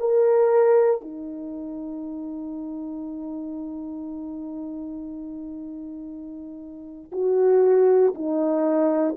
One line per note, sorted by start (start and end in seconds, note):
0.00 1.02 A#4
1.02 7.12 D#4
7.12 8.14 F#4
8.14 9.16 D#4